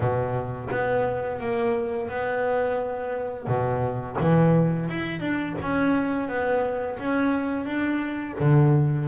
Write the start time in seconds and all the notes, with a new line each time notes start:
0.00 B2
0.70 B3
1.40 A#3
2.09 B3
3.47 B2
4.20 E3
4.89 E4
5.19 D4
5.61 C#4
6.28 B3
6.99 C#4
7.65 D4
8.39 D3